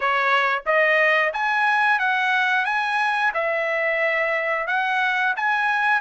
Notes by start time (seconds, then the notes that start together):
0.00 C#5
0.66 D#5
1.33 G#5
1.98 F#5
2.65 G#5
3.33 E5
4.67 F#5
5.36 G#5